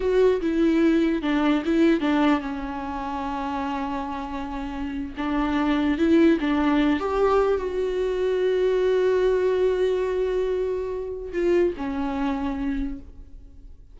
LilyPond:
\new Staff \with { instrumentName = "viola" } { \time 4/4 \tempo 4 = 148 fis'4 e'2 d'4 | e'4 d'4 cis'2~ | cis'1~ | cis'8. d'2 e'4 d'16~ |
d'4~ d'16 g'4. fis'4~ fis'16~ | fis'1~ | fis'1 | f'4 cis'2. | }